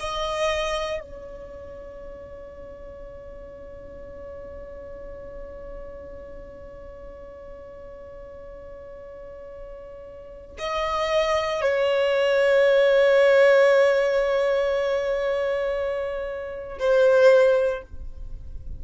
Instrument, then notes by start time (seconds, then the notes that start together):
violin
0.00 D#5
1.01 C#5
10.59 D#5
11.62 C#5
16.79 C5